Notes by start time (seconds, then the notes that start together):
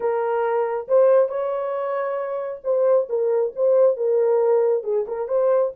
0.00 A#4
0.87 C5
1.28 C#5
2.64 C5
3.09 A#4
3.55 C5
3.97 A#4
4.83 G#4
5.07 A#4
5.28 C5